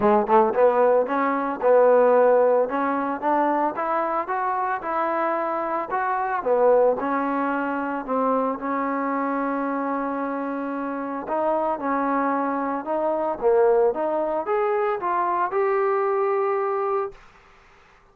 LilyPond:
\new Staff \with { instrumentName = "trombone" } { \time 4/4 \tempo 4 = 112 gis8 a8 b4 cis'4 b4~ | b4 cis'4 d'4 e'4 | fis'4 e'2 fis'4 | b4 cis'2 c'4 |
cis'1~ | cis'4 dis'4 cis'2 | dis'4 ais4 dis'4 gis'4 | f'4 g'2. | }